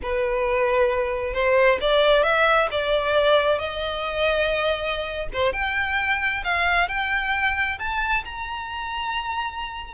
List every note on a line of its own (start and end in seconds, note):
0.02 1.33 B4
1.33 1.78 C5
1.80 2.23 D5
2.23 2.68 E5
2.71 3.58 D5
3.58 5.27 D#5
5.33 5.52 C5
5.52 6.43 G5
6.43 6.88 F5
6.88 7.78 G5
7.78 8.24 A5
8.24 9.94 A#5